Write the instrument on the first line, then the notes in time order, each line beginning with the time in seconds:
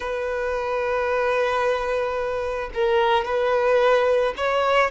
violin
0.00 B4
2.73 A#4
3.24 B4
4.36 C#5